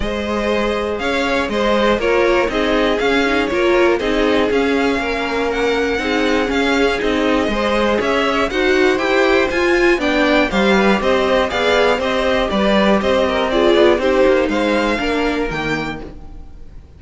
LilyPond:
<<
  \new Staff \with { instrumentName = "violin" } { \time 4/4 \tempo 4 = 120 dis''2 f''4 dis''4 | cis''4 dis''4 f''4 cis''4 | dis''4 f''2 fis''4~ | fis''4 f''4 dis''2 |
e''4 fis''4 g''4 gis''4 | g''4 f''4 dis''4 f''4 | dis''4 d''4 dis''4 d''4 | c''4 f''2 g''4 | }
  \new Staff \with { instrumentName = "violin" } { \time 4/4 c''2 cis''4 c''4 | ais'4 gis'2 ais'4 | gis'2 ais'2 | gis'2. c''4 |
cis''4 c''2. | d''4 c''8 b'8 c''4 d''4 | c''4 b'4 c''8 ais'8 gis'4 | g'4 c''4 ais'2 | }
  \new Staff \with { instrumentName = "viola" } { \time 4/4 gis'1 | f'4 dis'4 cis'8 dis'8 f'4 | dis'4 cis'2. | dis'4 cis'4 dis'4 gis'4~ |
gis'4 fis'4 g'4 f'4 | d'4 g'2 gis'4 | g'2. f'4 | dis'2 d'4 ais4 | }
  \new Staff \with { instrumentName = "cello" } { \time 4/4 gis2 cis'4 gis4 | ais4 c'4 cis'4 ais4 | c'4 cis'4 ais2 | c'4 cis'4 c'4 gis4 |
cis'4 dis'4 e'4 f'4 | b4 g4 c'4 b4 | c'4 g4 c'4. b8 | c'8 ais8 gis4 ais4 dis4 | }
>>